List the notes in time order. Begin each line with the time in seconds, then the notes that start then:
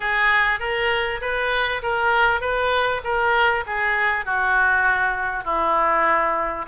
0.00 G#4
0.59 A#4
1.21 B4
1.82 A#4
2.40 B4
3.03 A#4
3.66 G#4
4.25 F#4
5.44 E4